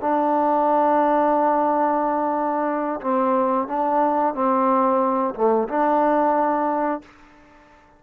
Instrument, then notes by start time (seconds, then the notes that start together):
trombone
0.00 D4
3.01 C4
3.68 D4
4.34 C4
5.35 A3
5.68 D4